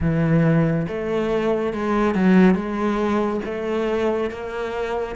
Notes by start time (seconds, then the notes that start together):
0.00 E3
0.88 A3
1.73 G#3
2.14 F#3
2.54 G#3
3.44 A3
4.30 A#3